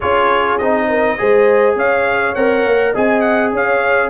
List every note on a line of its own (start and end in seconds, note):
0.00 0.60 C#4
0.00 0.60 F4
0.00 0.88 G#4
0.00 0.58 C#5
0.58 1.19 C4
0.58 1.17 D#4
0.58 1.75 D#5
0.88 1.18 A#4
1.17 1.75 G#3
1.17 2.35 G#4
1.17 1.76 C5
1.75 2.34 C#4
1.75 2.92 C#5
1.75 2.34 F5
2.34 2.64 C4
2.34 2.94 A#4
2.34 2.93 F#5
2.64 2.94 A#3
2.92 3.52 C4
2.92 4.09 G#4
2.92 3.51 D#5
2.92 3.21 G#5
3.21 3.50 F#5
3.52 4.09 C#4
3.52 4.09 C#5
3.52 4.09 F5